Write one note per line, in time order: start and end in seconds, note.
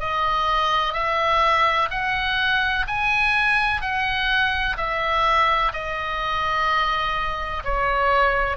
0.00 0.93 D#5
0.93 1.88 E5
1.90 2.86 F#5
2.87 3.81 G#5
3.81 4.77 F#5
4.77 5.72 E5
5.73 7.63 D#5
7.64 8.57 C#5